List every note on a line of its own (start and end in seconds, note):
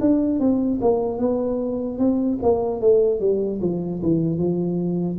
0.00 0.39 D4
0.39 0.79 C4
0.81 1.18 A#3
1.18 1.98 B3
1.98 2.38 C4
2.42 2.80 A#3
2.80 3.20 A3
3.20 3.60 G3
3.61 4.01 F3
4.02 4.37 E3
4.37 5.17 F3